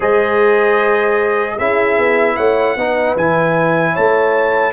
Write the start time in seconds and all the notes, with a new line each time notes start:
0.00 G#3 G#4 C5 D#5
1.56 C#4 E4 G#4 E5
1.98 B3
2.36 A3 C#5 F#5
2.76 B3 D#4 B4
3.16 E3 E4 G#5
3.93 A3 C#5 A5